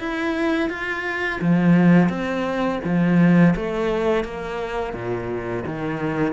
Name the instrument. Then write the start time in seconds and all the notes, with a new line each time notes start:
cello
0.00 E4
0.70 F4
1.41 F3
2.10 C4
2.85 F3
3.56 A3
4.25 A#3
4.94 A#2
5.67 D#3